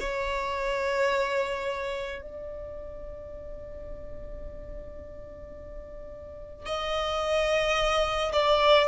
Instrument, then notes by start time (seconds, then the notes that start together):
violin
0.00 C#5
2.22 D5
6.66 D#5
8.33 D5